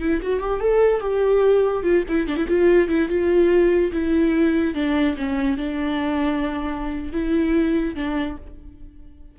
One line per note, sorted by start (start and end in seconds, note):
0.00 0.21 E4
0.22 0.40 F#4
0.40 0.60 G4
0.60 1.00 A4
1.00 1.83 G4
1.83 2.04 F4
2.08 2.27 E4
2.27 2.36 D4
2.36 2.47 E4
2.48 2.88 F4
2.88 3.09 E4
3.09 3.91 F4
3.92 4.74 E4
4.74 5.16 D4
5.17 5.57 C#4
5.57 7.12 D4
7.12 7.95 E4
7.95 8.36 D4